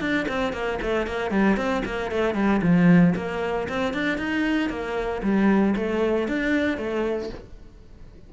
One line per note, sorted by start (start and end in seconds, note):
0.00 0.26 D4
0.28 0.53 C4
0.53 0.79 A#3
0.82 1.07 A3
1.07 1.31 A#3
1.31 1.57 G3
1.57 1.83 C4
1.85 2.11 A#3
2.11 2.35 A3
2.35 2.61 G3
2.62 3.14 F3
3.16 3.68 A#3
3.69 3.93 C4
3.93 4.18 D4
4.18 4.70 D#4
4.70 5.22 A#3
5.22 5.75 G3
5.76 6.28 A3
6.28 6.78 D4
6.78 7.30 A3